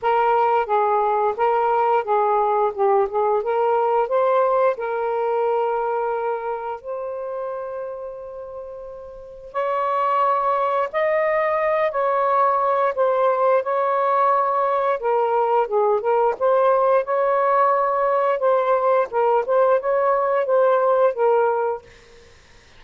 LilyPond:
\new Staff \with { instrumentName = "saxophone" } { \time 4/4 \tempo 4 = 88 ais'4 gis'4 ais'4 gis'4 | g'8 gis'8 ais'4 c''4 ais'4~ | ais'2 c''2~ | c''2 cis''2 |
dis''4. cis''4. c''4 | cis''2 ais'4 gis'8 ais'8 | c''4 cis''2 c''4 | ais'8 c''8 cis''4 c''4 ais'4 | }